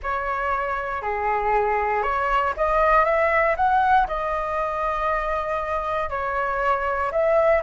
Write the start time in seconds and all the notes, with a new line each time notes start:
0.02 C#5
1.02 G#4
2.02 C#5
2.57 D#5
3.05 E5
3.56 F#5
4.07 D#5
6.09 C#5
7.11 E5